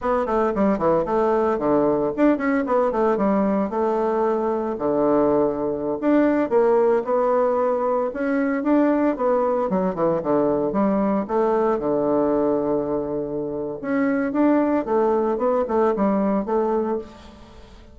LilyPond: \new Staff \with { instrumentName = "bassoon" } { \time 4/4 \tempo 4 = 113 b8 a8 g8 e8 a4 d4 | d'8 cis'8 b8 a8 g4 a4~ | a4 d2~ d16 d'8.~ | d'16 ais4 b2 cis'8.~ |
cis'16 d'4 b4 fis8 e8 d8.~ | d16 g4 a4 d4.~ d16~ | d2 cis'4 d'4 | a4 b8 a8 g4 a4 | }